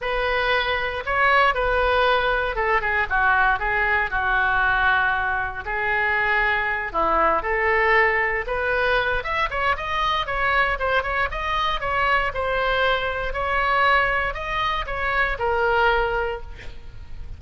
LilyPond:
\new Staff \with { instrumentName = "oboe" } { \time 4/4 \tempo 4 = 117 b'2 cis''4 b'4~ | b'4 a'8 gis'8 fis'4 gis'4 | fis'2. gis'4~ | gis'4. e'4 a'4.~ |
a'8 b'4. e''8 cis''8 dis''4 | cis''4 c''8 cis''8 dis''4 cis''4 | c''2 cis''2 | dis''4 cis''4 ais'2 | }